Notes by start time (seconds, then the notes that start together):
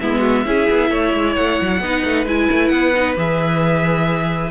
0.00 G#3 B3 E4 E5
0.19 F#4
0.45 C#4 E4 G#4
0.70 B3
0.91 A3 C#5
1.14 G#3
1.35 A3 F#5
1.61 F#3
1.80 B3 D#4 B4
2.04 A3
2.26 G#3 E4 G#5
2.52 A3
2.68 B3 F#5
2.95 D#4
3.16 E3 G#4 E5